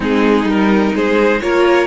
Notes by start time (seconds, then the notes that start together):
0.00 G#3 C4 D#4 G#4
0.44 G3 D#4 A#4
0.94 G#3 G#4 C5
1.41 A#3 F4 A#4 C#5